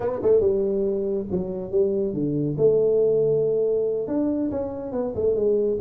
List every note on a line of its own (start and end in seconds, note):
0.00 0.19 B3
0.22 0.40 A3
0.40 1.26 G3
1.31 1.71 F#3
1.71 2.13 G3
2.13 2.56 D3
2.57 4.07 A3
4.07 4.50 D4
4.50 4.91 C#4
4.91 5.13 B3
5.15 5.35 A3
5.35 5.77 G#3